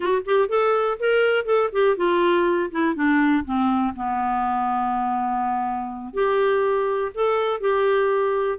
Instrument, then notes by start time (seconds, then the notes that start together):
clarinet
0.00 F#4
0.25 G4
0.49 A4
0.99 A#4
1.45 A4
1.72 G4
1.96 F4
2.71 E4
2.95 D4
3.44 C4
3.95 B3
6.13 G4
7.14 A4
7.60 G4